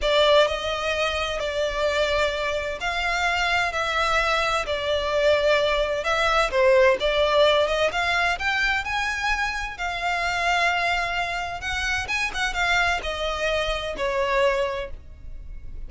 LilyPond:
\new Staff \with { instrumentName = "violin" } { \time 4/4 \tempo 4 = 129 d''4 dis''2 d''4~ | d''2 f''2 | e''2 d''2~ | d''4 e''4 c''4 d''4~ |
d''8 dis''8 f''4 g''4 gis''4~ | gis''4 f''2.~ | f''4 fis''4 gis''8 fis''8 f''4 | dis''2 cis''2 | }